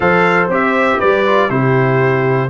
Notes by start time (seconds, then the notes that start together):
0.00 F3 A4 C5 F5
0.48 C4 G4 E5
0.98 G3 B4 D5
1.26 F4
1.49 C3 E4 G4 C5